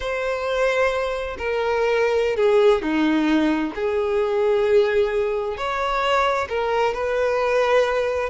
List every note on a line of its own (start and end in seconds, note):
0.00 1.36 C5
1.38 2.36 A#4
2.36 2.82 G#4
2.82 3.73 D#4
3.75 5.57 G#4
5.57 6.48 C#5
6.48 6.93 A#4
6.93 8.29 B4